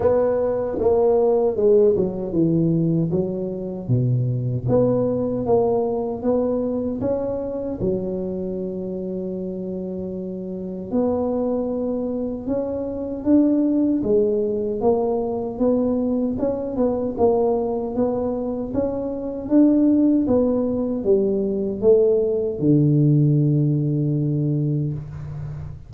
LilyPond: \new Staff \with { instrumentName = "tuba" } { \time 4/4 \tempo 4 = 77 b4 ais4 gis8 fis8 e4 | fis4 b,4 b4 ais4 | b4 cis'4 fis2~ | fis2 b2 |
cis'4 d'4 gis4 ais4 | b4 cis'8 b8 ais4 b4 | cis'4 d'4 b4 g4 | a4 d2. | }